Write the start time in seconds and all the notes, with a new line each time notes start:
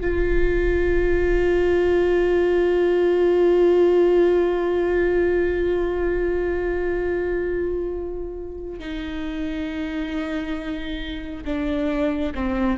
0.00 F4
8.79 D#4
11.45 D4
12.34 C4